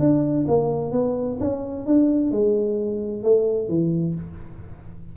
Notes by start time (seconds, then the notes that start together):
0.00 D4
0.48 A#3
0.92 B3
1.40 C#4
1.87 D4
2.31 G#3
3.23 A3
3.68 E3